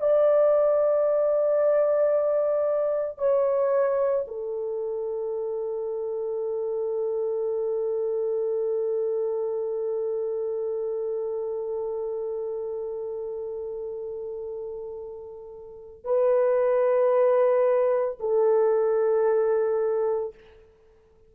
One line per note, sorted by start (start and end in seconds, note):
0.00 3.19 D5
3.19 4.26 C#5
4.28 16.04 A4
16.04 18.19 B4
18.20 20.34 A4